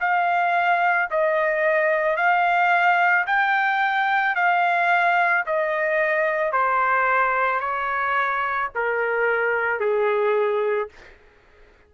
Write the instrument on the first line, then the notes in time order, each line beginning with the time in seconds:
trumpet
0.00 F5
1.11 D#5
2.17 F5
3.27 G5
4.35 F5
5.46 D#5
6.52 C5
7.60 C#5
8.75 A#4
9.80 G#4